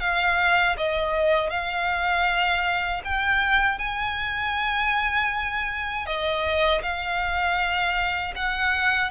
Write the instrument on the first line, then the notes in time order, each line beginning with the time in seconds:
violin
0.00 F5
0.78 D#5
1.50 F5
3.04 G5
3.79 G#5
6.06 D#5
6.83 F5
8.36 F#5